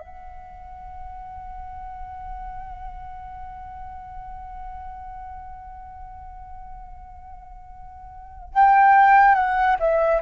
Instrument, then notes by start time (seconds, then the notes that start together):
flute
0.00 F#5
8.54 G5
9.35 F#5
9.80 E5